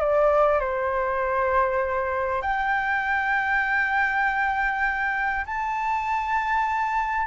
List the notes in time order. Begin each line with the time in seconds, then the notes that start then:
0.00 D5
0.60 C5
2.42 G5
5.46 A5